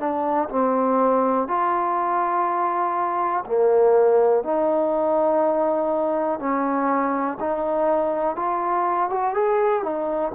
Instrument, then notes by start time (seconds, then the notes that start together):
trombone
0.00 D4
0.50 C4
1.48 F4
3.46 A#3
4.44 D#4
6.40 C#4
7.40 D#4
8.37 F4
9.10 F#4
9.34 G#4
9.83 D#4